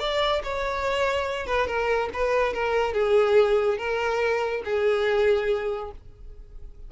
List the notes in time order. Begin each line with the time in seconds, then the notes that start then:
0.00 D5
0.43 C#5
1.47 B4
1.67 A#4
2.14 B4
2.53 A#4
2.93 G#4
3.78 A#4
4.65 G#4